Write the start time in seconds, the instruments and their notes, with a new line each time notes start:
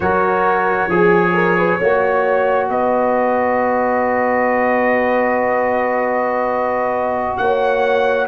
0.00 tuba F#3, trombone F#4, horn A#4, trumpet C#5
0.88 tuba F3, trombone G#4, horn G#4
1.34 horn A#4
1.58 horn B4
1.78 tuba A#3, trombone F#4, horn C#5
2.69 tuba B3, horn B4, trumpet D#5
7.37 tuba A#3, horn C#5, trumpet F#5